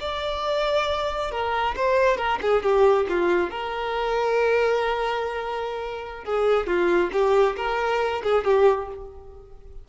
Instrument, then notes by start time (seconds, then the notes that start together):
violin
0.00 D5
1.31 A#4
1.76 C5
2.17 A#4
2.41 G#4
2.63 G4
3.09 F4
3.50 A#4
6.24 G#4
6.66 F4
7.12 G4
7.56 A#4
8.23 G#4
8.44 G4